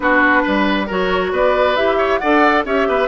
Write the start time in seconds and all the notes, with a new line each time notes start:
0.00 B3 D4 F#4 B4
0.42 G3 B4
0.86 F#3 F#4 A#4 C#5
1.31 B3 B4 D5
1.76 E4 G4 E5
1.97 C#5
2.18 D4 A4 D5 F#5
2.65 C#4 G4 C#5 E5
2.87 B3 B4